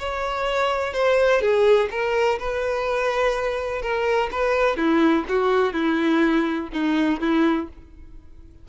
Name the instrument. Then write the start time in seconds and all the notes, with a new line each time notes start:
violin
0.00 C#5
0.94 C5
1.42 G#4
1.91 A#4
2.40 B4
3.82 A#4
4.32 B4
4.77 E4
5.29 F#4
5.74 E4
6.74 D#4
7.21 E4